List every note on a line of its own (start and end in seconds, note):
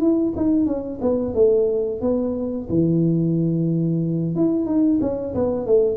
0.00 0.33 E4
0.36 0.66 D#4
0.66 1.00 C#4
1.02 1.34 B3
1.34 2.01 A3
2.01 2.68 B3
2.70 4.35 E3
4.35 4.66 E4
4.66 4.99 D#4
5.01 5.34 C#4
5.35 5.66 B3
5.66 5.97 A3